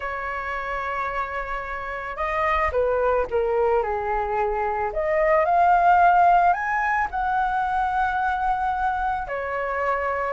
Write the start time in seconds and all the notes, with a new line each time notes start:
0.00 C#5
2.16 D#5
2.71 B4
3.30 A#4
3.82 G#4
4.92 D#5
5.45 F5
6.53 G#5
7.10 F#5
9.27 C#5